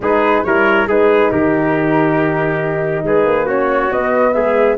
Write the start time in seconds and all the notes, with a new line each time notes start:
0.00 G#3 D#4 G#4 B4
0.44 G3 E4 A#4 C#5
0.87 G#3 D#4 G#4 B4
1.31 D#3 G4 A#4
3.03 G#3 G#4 B4
3.24 A#3
3.45 C#4 F#4 C#5
3.91 B3 D#5
4.33 G#3 G#4 E5